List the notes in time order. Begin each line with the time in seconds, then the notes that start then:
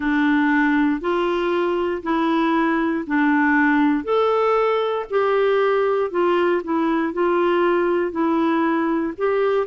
0.00 D4
1.00 F4
2.02 E4
3.06 D4
4.04 A4
5.09 G4
6.11 F4
6.63 E4
7.13 F4
8.11 E4
9.17 G4